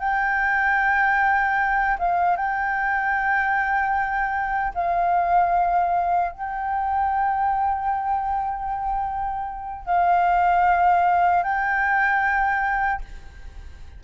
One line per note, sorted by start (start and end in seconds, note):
0.00 1.97 G5
1.99 2.36 F5
2.36 4.73 G5
4.75 6.32 F5
6.32 9.86 G5
9.86 11.44 F5
11.44 13.02 G5